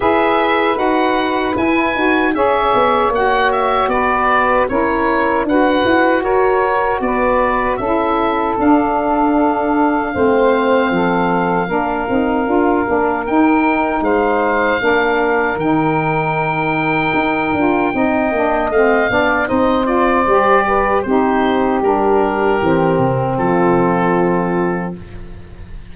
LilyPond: <<
  \new Staff \with { instrumentName = "oboe" } { \time 4/4 \tempo 4 = 77 e''4 fis''4 gis''4 e''4 | fis''8 e''8 d''4 cis''4 fis''4 | cis''4 d''4 e''4 f''4~ | f''1~ |
f''4 g''4 f''2 | g''1 | f''4 dis''8 d''4. c''4 | ais'2 a'2 | }
  \new Staff \with { instrumentName = "saxophone" } { \time 4/4 b'2. cis''4~ | cis''4 b'4 ais'4 b'4 | ais'4 b'4 a'2~ | a'4 c''4 a'4 ais'4~ |
ais'2 c''4 ais'4~ | ais'2. dis''4~ | dis''8 d''8 c''4. b'8 g'4~ | g'2 f'2 | }
  \new Staff \with { instrumentName = "saxophone" } { \time 4/4 gis'4 fis'4 e'8 fis'8 gis'4 | fis'2 e'4 fis'4~ | fis'2 e'4 d'4~ | d'4 c'2 d'8 dis'8 |
f'8 d'8 dis'2 d'4 | dis'2~ dis'8 f'8 dis'8 d'8 | c'8 d'8 dis'8 f'8 g'4 dis'4 | d'4 c'2. | }
  \new Staff \with { instrumentName = "tuba" } { \time 4/4 e'4 dis'4 e'8 dis'8 cis'8 b8 | ais4 b4 cis'4 d'8 e'8 | fis'4 b4 cis'4 d'4~ | d'4 a4 f4 ais8 c'8 |
d'8 ais8 dis'4 gis4 ais4 | dis2 dis'8 d'8 c'8 ais8 | a8 b8 c'4 g4 c'4 | g4 e8 c8 f2 | }
>>